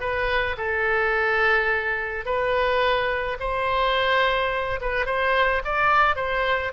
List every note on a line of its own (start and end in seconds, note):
0.00 0.56 B4
0.57 2.25 A4
2.25 3.37 B4
3.40 4.80 C5
4.80 5.06 B4
5.06 5.62 C5
5.64 6.16 D5
6.16 6.72 C5